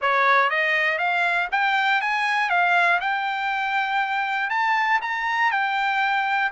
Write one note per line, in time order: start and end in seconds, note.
0.01 0.50 C#5
0.50 0.98 D#5
0.98 1.48 F5
1.51 2.01 G5
2.01 2.49 G#5
2.49 2.99 F5
3.00 4.50 G5
4.50 5.00 A5
5.01 5.51 A#5
5.51 6.51 G5